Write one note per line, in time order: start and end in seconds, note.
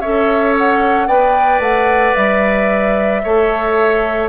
0.00 1.07 C#4
0.00 1.08 A4
0.00 1.07 C#5
0.00 0.54 E5
0.57 1.07 F#5
1.07 1.59 B3
1.07 3.22 B4
1.07 3.21 D5
1.07 1.61 G5
1.59 2.12 A3
1.59 2.15 F#5
2.15 3.23 G3
2.15 4.29 E5
3.23 4.29 A3
3.23 4.29 A4
3.23 4.29 C#5